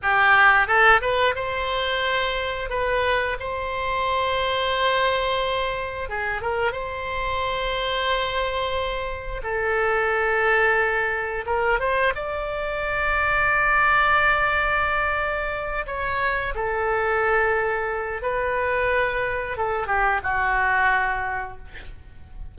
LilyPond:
\new Staff \with { instrumentName = "oboe" } { \time 4/4 \tempo 4 = 89 g'4 a'8 b'8 c''2 | b'4 c''2.~ | c''4 gis'8 ais'8 c''2~ | c''2 a'2~ |
a'4 ais'8 c''8 d''2~ | d''2.~ d''8 cis''8~ | cis''8 a'2~ a'8 b'4~ | b'4 a'8 g'8 fis'2 | }